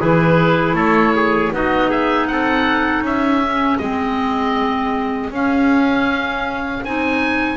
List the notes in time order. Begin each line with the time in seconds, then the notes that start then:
0.00 E3 E4 G#4 B4
0.73 A3 A4 C#5
1.16 G#4
1.53 B3 D#4 F#4 D#5
1.89 G#4 E5
2.28 C4 A4 F#5
3.02 C#4 G#4 E5
3.44 C#4
3.78 G#3 C4 D#5
5.31 C#4 F5
6.83 C4 D#4 G#5